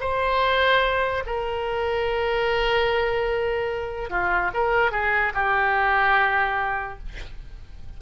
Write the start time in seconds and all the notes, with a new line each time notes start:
0.00 C5
1.26 A#4
4.10 F4
4.54 A#4
4.91 G#4
5.34 G4